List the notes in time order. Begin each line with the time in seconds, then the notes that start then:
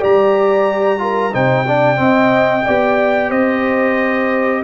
0.00 G3 G4 D5 A#5
0.99 F4 A#4
1.33 C3 D#4 C5 G5
1.68 D4 D5
1.96 C4 D#5
2.66 B3 G4 D5
3.30 C4 C5 D#5